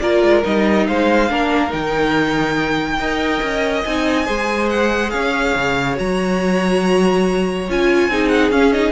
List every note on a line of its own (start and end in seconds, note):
0.00 0.22 A#3
0.00 0.43 F4
0.00 0.87 A#4
0.00 0.43 D5
0.22 0.44 G#3
0.43 0.89 G3
0.43 1.28 D#4
0.43 0.88 D#5
0.88 1.31 G#3
0.88 1.31 C5
0.88 1.73 F5
1.30 1.73 A#3
1.30 1.70 D4
1.30 3.00 A#4
1.70 2.99 D#3
1.70 2.97 D#4
1.70 3.85 G5
2.99 3.42 D#4
2.99 3.87 A#4
2.99 4.26 D#5
3.43 3.85 C#4
3.85 4.28 C4
3.85 4.26 D#4
3.85 4.70 G#5
4.26 5.14 G#3
4.26 5.95 G#4
4.26 5.11 C5
4.70 5.11 F#5
5.11 5.56 C#4
5.11 8.11 C#5
5.11 5.96 F5
5.56 5.99 C#3
5.95 7.69 F#3
5.95 7.66 F#4
5.95 7.70 A#5
7.69 8.09 C#4
7.69 8.11 F4
7.69 8.29 G#5
8.09 8.51 C4
8.09 8.52 D#4
8.09 8.93 G#4
8.29 8.50 F#5
8.51 8.93 C#4
8.51 8.73 C#4
8.51 8.73 F5
8.73 8.93 D#4
8.73 8.93 D#5